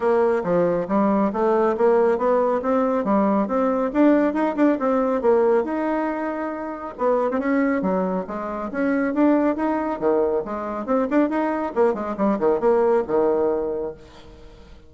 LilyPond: \new Staff \with { instrumentName = "bassoon" } { \time 4/4 \tempo 4 = 138 ais4 f4 g4 a4 | ais4 b4 c'4 g4 | c'4 d'4 dis'8 d'8 c'4 | ais4 dis'2. |
b8. c'16 cis'4 fis4 gis4 | cis'4 d'4 dis'4 dis4 | gis4 c'8 d'8 dis'4 ais8 gis8 | g8 dis8 ais4 dis2 | }